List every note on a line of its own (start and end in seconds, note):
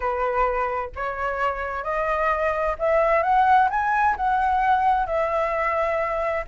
0.00 0.90 B4
0.95 1.83 C#5
1.83 2.76 D#5
2.78 3.22 E5
3.22 3.68 F#5
3.70 4.16 G#5
4.16 5.06 F#5
5.06 6.44 E5